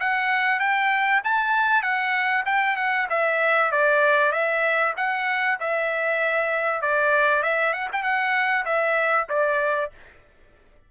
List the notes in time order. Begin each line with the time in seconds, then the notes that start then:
0.00 F#5
0.59 G5
1.24 A5
1.82 F#5
2.45 G5
2.76 F#5
3.10 E5
3.71 D5
4.32 E5
4.97 F#5
5.60 E5
6.81 D5
7.43 E5
7.73 F#5
7.92 G5
8.03 F#5
8.65 E5
9.29 D5